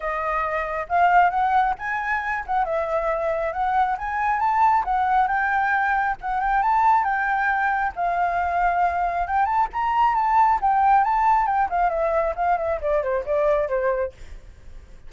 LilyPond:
\new Staff \with { instrumentName = "flute" } { \time 4/4 \tempo 4 = 136 dis''2 f''4 fis''4 | gis''4. fis''8 e''2 | fis''4 gis''4 a''4 fis''4 | g''2 fis''8 g''8 a''4 |
g''2 f''2~ | f''4 g''8 a''8 ais''4 a''4 | g''4 a''4 g''8 f''8 e''4 | f''8 e''8 d''8 c''8 d''4 c''4 | }